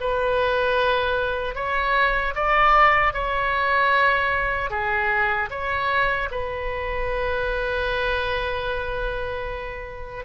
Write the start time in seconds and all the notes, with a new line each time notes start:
0.00 B4
1.55 C#5
2.35 D5
3.13 C#5
4.70 G#4
5.50 C#5
6.31 B4